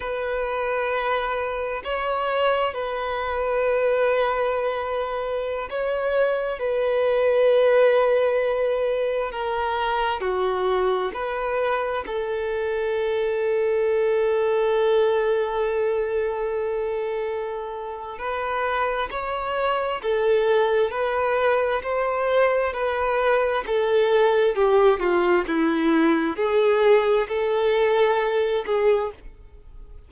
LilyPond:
\new Staff \with { instrumentName = "violin" } { \time 4/4 \tempo 4 = 66 b'2 cis''4 b'4~ | b'2~ b'16 cis''4 b'8.~ | b'2~ b'16 ais'4 fis'8.~ | fis'16 b'4 a'2~ a'8.~ |
a'1 | b'4 cis''4 a'4 b'4 | c''4 b'4 a'4 g'8 f'8 | e'4 gis'4 a'4. gis'8 | }